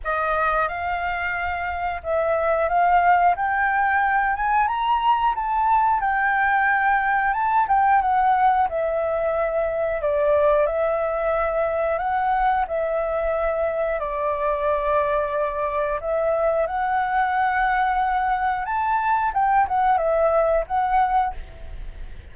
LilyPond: \new Staff \with { instrumentName = "flute" } { \time 4/4 \tempo 4 = 90 dis''4 f''2 e''4 | f''4 g''4. gis''8 ais''4 | a''4 g''2 a''8 g''8 | fis''4 e''2 d''4 |
e''2 fis''4 e''4~ | e''4 d''2. | e''4 fis''2. | a''4 g''8 fis''8 e''4 fis''4 | }